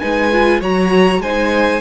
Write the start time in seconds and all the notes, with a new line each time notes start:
0.00 G#3 D#4 B4 G#5
0.33 F4
0.61 F#3 F#4 C#5 A#5
1.19 G#3 D#4 C5 G#5